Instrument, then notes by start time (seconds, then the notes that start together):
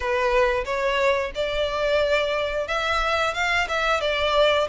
violin
0.00 B4
0.65 C#5
1.35 D5
2.67 E5
3.34 F5
3.68 E5
4.00 D5